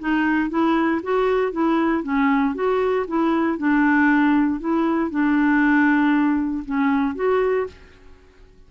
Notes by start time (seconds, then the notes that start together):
0.00 D#4
0.50 E4
1.03 F#4
1.52 E4
2.03 C#4
2.55 F#4
3.08 E4
3.58 D4
4.60 E4
5.11 D4
6.65 C#4
7.16 F#4